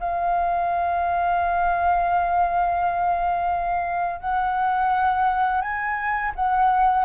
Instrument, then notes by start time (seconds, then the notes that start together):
flute
0.00 F5
4.21 F#5
5.62 G#5
6.36 F#5